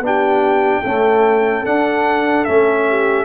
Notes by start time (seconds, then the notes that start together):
0.00 B3 D4 G4
0.06 G5
0.81 A3 C#4 A4
1.66 D4 F#5
2.45 A3 C#4 E5
2.89 G4